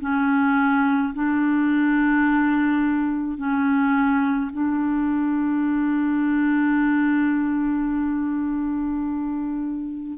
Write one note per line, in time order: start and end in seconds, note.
0.00 1.13 C#4
1.14 3.37 D4
3.37 4.50 C#4
4.52 10.18 D4